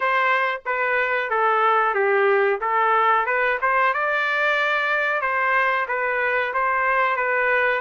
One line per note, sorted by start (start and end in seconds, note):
0.00 0.61 C5
0.65 1.30 B4
1.30 1.94 A4
1.94 2.59 G4
2.60 3.25 A4
3.25 3.58 B4
3.61 3.93 C5
3.93 5.21 D5
5.21 5.86 C5
5.88 6.53 B4
6.53 7.16 C5
7.16 7.80 B4